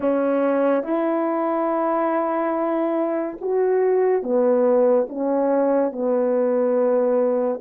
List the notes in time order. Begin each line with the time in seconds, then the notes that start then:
0.00 C#4
0.83 E4
3.40 F#4
4.23 B3
5.09 C#4
5.92 B3